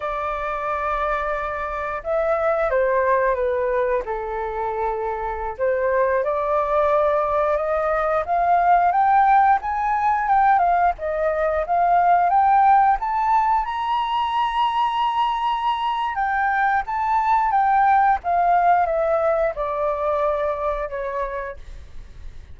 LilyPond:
\new Staff \with { instrumentName = "flute" } { \time 4/4 \tempo 4 = 89 d''2. e''4 | c''4 b'4 a'2~ | a'16 c''4 d''2 dis''8.~ | dis''16 f''4 g''4 gis''4 g''8 f''16~ |
f''16 dis''4 f''4 g''4 a''8.~ | a''16 ais''2.~ ais''8. | g''4 a''4 g''4 f''4 | e''4 d''2 cis''4 | }